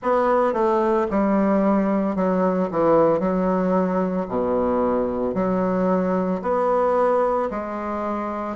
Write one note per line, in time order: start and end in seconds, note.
0.02 0.53 B3
0.53 1.07 A3
1.10 2.15 G3
2.15 2.69 F#3
2.71 3.19 E3
3.19 4.26 F#3
4.28 5.34 B2
5.34 6.41 F#3
6.41 7.49 B3
7.50 8.56 G#3